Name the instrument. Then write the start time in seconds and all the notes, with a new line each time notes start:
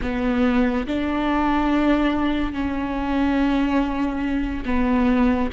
viola
0.02 B3
0.86 D4
2.52 C#4
4.65 B3